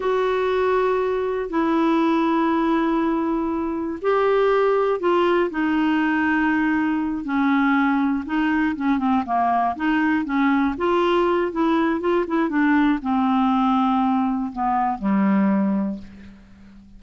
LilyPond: \new Staff \with { instrumentName = "clarinet" } { \time 4/4 \tempo 4 = 120 fis'2. e'4~ | e'1 | g'2 f'4 dis'4~ | dis'2~ dis'8 cis'4.~ |
cis'8 dis'4 cis'8 c'8 ais4 dis'8~ | dis'8 cis'4 f'4. e'4 | f'8 e'8 d'4 c'2~ | c'4 b4 g2 | }